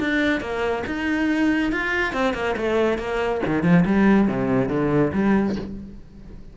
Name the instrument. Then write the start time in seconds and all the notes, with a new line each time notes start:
cello
0.00 D4
0.41 A#3
0.87 D#4
1.72 F4
2.13 C4
2.34 A#3
2.57 A3
2.99 A#3
3.46 D#3
3.63 F3
3.86 G3
4.28 C3
4.69 D3
5.13 G3